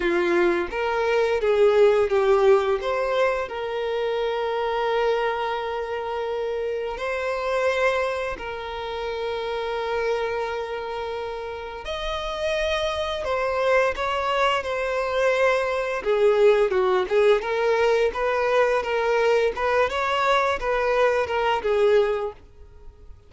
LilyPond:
\new Staff \with { instrumentName = "violin" } { \time 4/4 \tempo 4 = 86 f'4 ais'4 gis'4 g'4 | c''4 ais'2.~ | ais'2 c''2 | ais'1~ |
ais'4 dis''2 c''4 | cis''4 c''2 gis'4 | fis'8 gis'8 ais'4 b'4 ais'4 | b'8 cis''4 b'4 ais'8 gis'4 | }